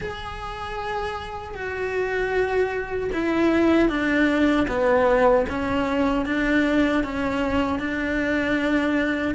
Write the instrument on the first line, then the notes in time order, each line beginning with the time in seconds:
cello
0.00 G#4
1.54 F#4
3.12 E4
3.89 D4
4.68 B3
5.49 C#4
6.25 D4
7.03 C#4
7.79 D4